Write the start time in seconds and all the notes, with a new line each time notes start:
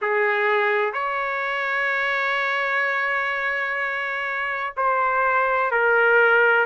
0.01 G#4
0.93 C#5
4.77 C5
5.71 A#4